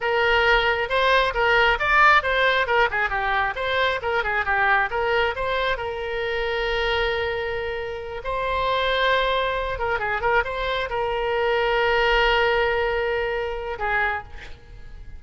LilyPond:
\new Staff \with { instrumentName = "oboe" } { \time 4/4 \tempo 4 = 135 ais'2 c''4 ais'4 | d''4 c''4 ais'8 gis'8 g'4 | c''4 ais'8 gis'8 g'4 ais'4 | c''4 ais'2.~ |
ais'2~ ais'8 c''4.~ | c''2 ais'8 gis'8 ais'8 c''8~ | c''8 ais'2.~ ais'8~ | ais'2. gis'4 | }